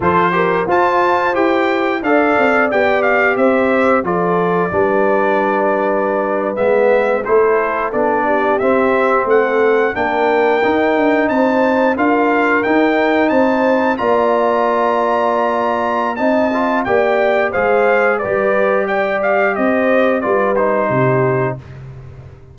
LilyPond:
<<
  \new Staff \with { instrumentName = "trumpet" } { \time 4/4 \tempo 4 = 89 c''4 a''4 g''4 f''4 | g''8 f''8 e''4 d''2~ | d''4.~ d''16 e''4 c''4 d''16~ | d''8. e''4 fis''4 g''4~ g''16~ |
g''8. a''4 f''4 g''4 a''16~ | a''8. ais''2.~ ais''16 | a''4 g''4 f''4 d''4 | g''8 f''8 dis''4 d''8 c''4. | }
  \new Staff \with { instrumentName = "horn" } { \time 4/4 a'8 ais'8 c''2 d''4~ | d''4 c''4 a'4 b'4~ | b'2~ b'8. a'4~ a'16~ | a'16 g'4. a'4 ais'4~ ais'16~ |
ais'8. c''4 ais'2 c''16~ | c''8. d''2.~ d''16 | dis''4 d''4 c''4 b'4 | d''4 c''4 b'4 g'4 | }
  \new Staff \with { instrumentName = "trombone" } { \time 4/4 f'8 g'8 f'4 g'4 a'4 | g'2 f'4 d'4~ | d'4.~ d'16 b4 e'4 d'16~ | d'8. c'2 d'4 dis'16~ |
dis'4.~ dis'16 f'4 dis'4~ dis'16~ | dis'8. f'2.~ f'16 | dis'8 f'8 g'4 gis'4 g'4~ | g'2 f'8 dis'4. | }
  \new Staff \with { instrumentName = "tuba" } { \time 4/4 f4 f'4 e'4 d'8 c'8 | b4 c'4 f4 g4~ | g4.~ g16 gis4 a4 b16~ | b8. c'4 a4 ais4 dis'16~ |
dis'16 d'8 c'4 d'4 dis'4 c'16~ | c'8. ais2.~ ais16 | c'4 ais4 gis4 g4~ | g4 c'4 g4 c4 | }
>>